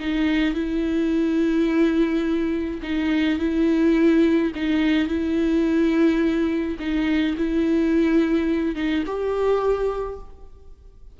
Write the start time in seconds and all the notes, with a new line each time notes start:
0.00 D#4
0.55 E4
2.83 D#4
3.39 E4
4.55 D#4
5.08 E4
6.79 D#4
7.38 E4
8.76 D#4
9.06 G4